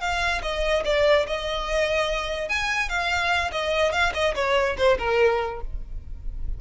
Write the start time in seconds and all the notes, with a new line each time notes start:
0.00 F5
0.42 D#5
0.84 D5
1.26 D#5
2.49 G#5
2.89 F5
3.52 D#5
3.92 F5
4.14 D#5
4.35 C#5
4.77 C5
4.98 A#4